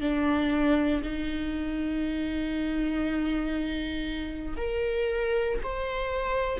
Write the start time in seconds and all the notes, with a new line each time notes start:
0.00 D4
1.03 D#4
4.57 A#4
5.63 C5